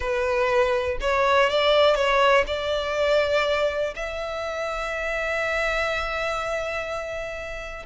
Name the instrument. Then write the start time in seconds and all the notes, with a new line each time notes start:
violin
0.00 B4
1.00 C#5
1.49 D5
1.95 C#5
2.46 D5
3.95 E5